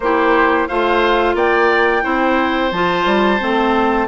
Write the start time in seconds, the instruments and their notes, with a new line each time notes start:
0.00 bassoon A#3, clarinet E4, oboe G4, flute C5
0.67 bassoon A3, clarinet F4, oboe C5, flute F5
1.34 bassoon A#3, oboe D5, flute G5
2.02 bassoon C4, clarinet E4, oboe C5
2.71 bassoon F3, clarinet F4, flute A5
3.05 bassoon G3
3.39 bassoon A3, clarinet C4